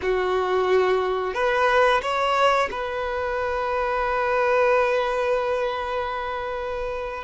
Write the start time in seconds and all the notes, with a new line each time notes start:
0.02 F#4
1.34 B4
2.01 C#5
2.71 B4